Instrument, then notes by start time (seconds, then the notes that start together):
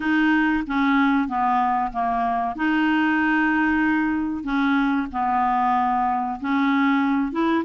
clarinet
0.00 D#4
0.66 C#4
1.28 B3
1.92 A#3
2.55 D#4
4.43 C#4
5.12 B3
6.40 C#4
7.31 E4